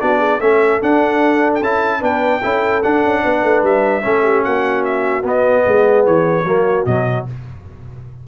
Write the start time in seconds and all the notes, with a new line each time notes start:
0.00 B3 D4 F#4 D5
0.19 G#4
0.40 A3 C#4 A4 E5
0.82 D4 F#5
1.55 G5
1.62 C#4 E4 A5
2.00 B3 D4 B4 G5
2.41 C#4 E4 A4
2.83 D4 F#5
3.04 C#4
3.23 B3 B4
3.44 A3
3.63 G3 E5
4.02 A3 C#4 A4
4.23 G4
4.43 A#3 F#4 F#5
4.84 E5
5.23 B3 D#5
5.66 G#3 G#4
6.06 E3 C#5
6.44 F#3 A#3 F#4
6.86 B2 F#3 D#5